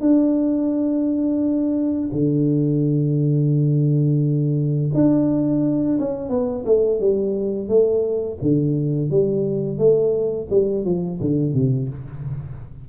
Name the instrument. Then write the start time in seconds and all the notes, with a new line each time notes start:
tuba
0.00 D4
2.12 D3
4.93 D4
5.99 C#4
6.29 B3
6.65 A3
7.00 G3
7.68 A3
8.41 D3
9.10 G3
9.77 A3
10.49 G3
10.84 F3
11.20 D3
11.53 C3